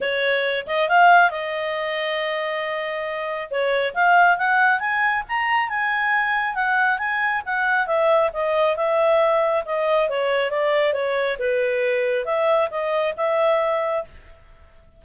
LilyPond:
\new Staff \with { instrumentName = "clarinet" } { \time 4/4 \tempo 4 = 137 cis''4. dis''8 f''4 dis''4~ | dis''1 | cis''4 f''4 fis''4 gis''4 | ais''4 gis''2 fis''4 |
gis''4 fis''4 e''4 dis''4 | e''2 dis''4 cis''4 | d''4 cis''4 b'2 | e''4 dis''4 e''2 | }